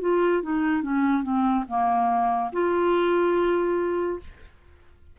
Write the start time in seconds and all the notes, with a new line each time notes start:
0.00 F4
0.42 D#4
0.82 C#4
1.22 C4
1.67 A#3
2.52 F4